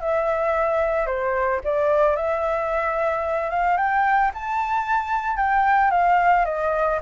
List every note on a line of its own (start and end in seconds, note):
0.00 1.06 E5
1.06 1.60 C5
1.64 2.16 D5
2.16 3.50 E5
3.50 3.77 F5
3.77 4.31 G5
4.34 5.37 A5
5.37 5.91 G5
5.91 6.45 F5
6.45 6.99 D#5